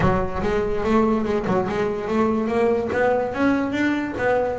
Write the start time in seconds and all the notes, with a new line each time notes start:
0.00 F#3
0.42 G#3
0.84 A3
1.25 G#3
1.47 F#3
1.68 G#3
2.08 A3
2.47 A#3
2.92 B3
3.33 C#4
3.72 D4
4.17 B3